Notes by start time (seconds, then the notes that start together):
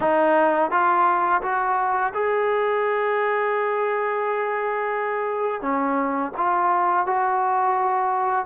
0.00 D#4
0.71 F4
1.41 F#4
2.14 G#4
5.61 C#4
6.37 F4
7.06 F#4